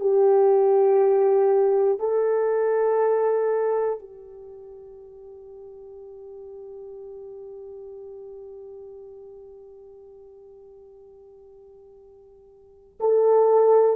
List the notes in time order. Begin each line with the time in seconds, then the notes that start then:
0.00 G4
1.99 A4
3.99 G4
13.00 A4